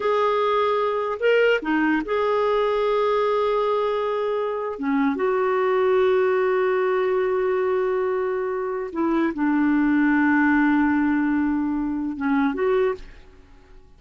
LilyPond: \new Staff \with { instrumentName = "clarinet" } { \time 4/4 \tempo 4 = 148 gis'2. ais'4 | dis'4 gis'2.~ | gis'2.~ gis'8. cis'16~ | cis'8. fis'2.~ fis'16~ |
fis'1~ | fis'2 e'4 d'4~ | d'1~ | d'2 cis'4 fis'4 | }